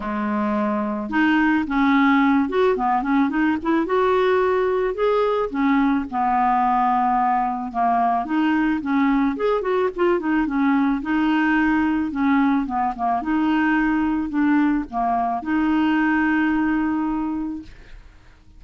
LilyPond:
\new Staff \with { instrumentName = "clarinet" } { \time 4/4 \tempo 4 = 109 gis2 dis'4 cis'4~ | cis'8 fis'8 b8 cis'8 dis'8 e'8 fis'4~ | fis'4 gis'4 cis'4 b4~ | b2 ais4 dis'4 |
cis'4 gis'8 fis'8 f'8 dis'8 cis'4 | dis'2 cis'4 b8 ais8 | dis'2 d'4 ais4 | dis'1 | }